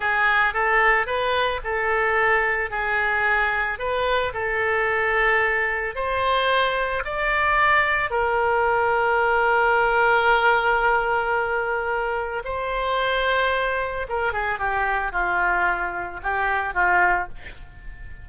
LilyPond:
\new Staff \with { instrumentName = "oboe" } { \time 4/4 \tempo 4 = 111 gis'4 a'4 b'4 a'4~ | a'4 gis'2 b'4 | a'2. c''4~ | c''4 d''2 ais'4~ |
ais'1~ | ais'2. c''4~ | c''2 ais'8 gis'8 g'4 | f'2 g'4 f'4 | }